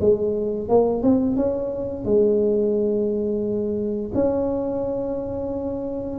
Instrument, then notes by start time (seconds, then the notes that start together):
tuba
0.00 G#3
0.68 A#3
1.03 C4
1.36 C#4
2.04 G#3
4.14 C#4